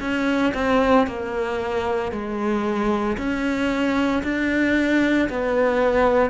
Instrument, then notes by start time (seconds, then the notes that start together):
cello
0.00 C#4
0.54 C4
1.07 A#3
2.11 G#3
3.17 C#4
4.23 D4
5.29 B3